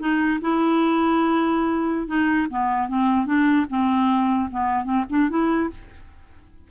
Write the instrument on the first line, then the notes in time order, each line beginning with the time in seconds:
clarinet
0.00 D#4
0.41 E4
2.07 D#4
2.50 B3
2.89 C4
3.26 D4
3.70 C4
4.51 B3
4.85 C4
5.10 D4
5.30 E4